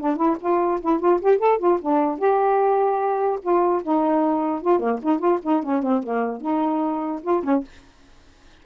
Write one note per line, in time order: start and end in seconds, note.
0.00 0.16 D4
0.16 0.37 E4
0.40 0.81 F4
0.81 1.00 E4
1.00 1.20 F4
1.22 1.39 G4
1.39 1.59 A4
1.59 1.79 F4
1.82 2.19 D4
2.19 3.39 G4
3.42 3.83 F4
3.83 4.62 D#4
4.62 4.80 F4
4.80 5.00 A#3
5.03 5.19 D#4
5.19 5.39 F4
5.43 5.63 D#4
5.63 5.83 C#4
5.83 6.03 C4
6.03 6.41 A#3
6.41 7.22 D#4
7.23 7.43 F4
7.43 7.64 C#4